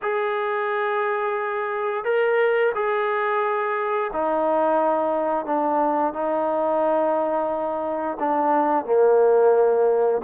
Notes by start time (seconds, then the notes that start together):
0.02 G#4
2.04 A#4
2.74 G#4
4.12 D#4
5.45 D4
6.13 D#4
8.19 D4
8.85 A#3